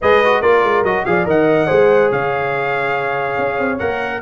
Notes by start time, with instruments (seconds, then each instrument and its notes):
0.01 tuba G#3, trombone G#4, horn B4, trumpet D#5
0.24 trombone F#4
0.40 tuba A#3, trombone F4, horn A#4, trumpet D5
0.63 tuba G#3
0.83 tuba F#3, trombone F#4, trumpet D#5
1.05 tuba F3, trombone G#4, horn D5, trumpet F5
1.24 tuba D#3, trombone A#4, horn D#5, trumpet F#5
1.66 tuba G#3, trombone G#4, horn C5
2.09 tuba C#3, horn C#5, trumpet F5
3.38 tuba C#4
3.59 tuba C4
3.78 tuba A#3, trombone A#4, trumpet F#5